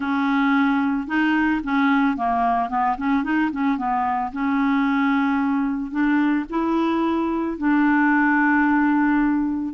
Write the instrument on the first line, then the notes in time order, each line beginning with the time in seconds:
clarinet
0.00 C#4
1.07 D#4
1.63 C#4
2.16 A#3
2.69 B3
2.97 C#4
3.23 D#4
3.51 C#4
3.77 B3
4.32 C#4
5.91 D4
6.49 E4
7.57 D4